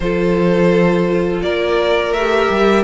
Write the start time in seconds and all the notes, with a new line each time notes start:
0.00 F3 F4 A4 C5
1.42 A#3 A#4 D5
2.12 A3 G4 E5
2.50 G3